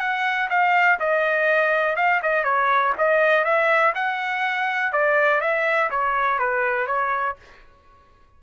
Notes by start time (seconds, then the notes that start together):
0.00 F#5
0.50 F5
1.00 D#5
1.96 F5
2.23 D#5
2.44 C#5
2.98 D#5
3.45 E5
3.95 F#5
4.93 D5
5.41 E5
5.91 C#5
6.39 B4
6.87 C#5